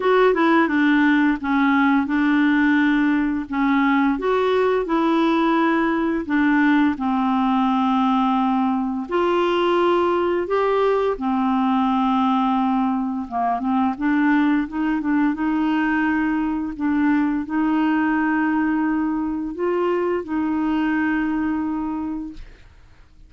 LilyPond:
\new Staff \with { instrumentName = "clarinet" } { \time 4/4 \tempo 4 = 86 fis'8 e'8 d'4 cis'4 d'4~ | d'4 cis'4 fis'4 e'4~ | e'4 d'4 c'2~ | c'4 f'2 g'4 |
c'2. ais8 c'8 | d'4 dis'8 d'8 dis'2 | d'4 dis'2. | f'4 dis'2. | }